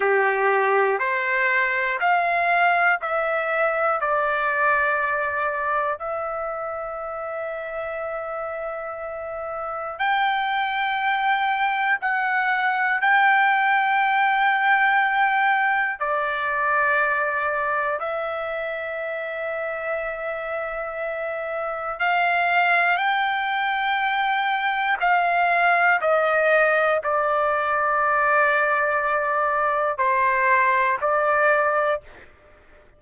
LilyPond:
\new Staff \with { instrumentName = "trumpet" } { \time 4/4 \tempo 4 = 60 g'4 c''4 f''4 e''4 | d''2 e''2~ | e''2 g''2 | fis''4 g''2. |
d''2 e''2~ | e''2 f''4 g''4~ | g''4 f''4 dis''4 d''4~ | d''2 c''4 d''4 | }